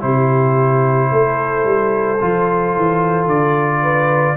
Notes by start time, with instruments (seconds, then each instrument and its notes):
0.00 tuba C3, trombone E4, horn G4, trumpet C5
1.11 tuba A3, horn A4
1.64 tuba G3
2.21 tuba F3, trombone F4
2.76 tuba E3
3.26 tuba D3, trumpet D5
3.82 horn B4